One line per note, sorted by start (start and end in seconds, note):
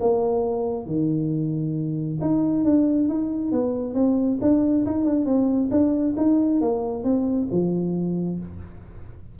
0.00 0.86 A#3
0.86 2.18 D#3
2.21 2.64 D#4
2.64 3.08 D4
3.08 3.52 D#4
3.52 3.94 B3
3.94 4.38 C4
4.41 4.85 D4
4.85 5.05 D#4
5.05 5.25 D4
5.25 5.69 C4
5.71 6.15 D4
6.17 6.61 D#4
6.61 7.04 A#3
7.04 7.48 C4
7.51 8.39 F3